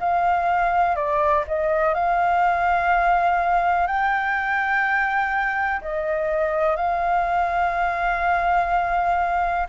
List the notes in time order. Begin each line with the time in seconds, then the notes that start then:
0.00 F5
0.96 D5
1.47 D#5
1.94 F5
3.87 G5
5.82 D#5
6.76 F5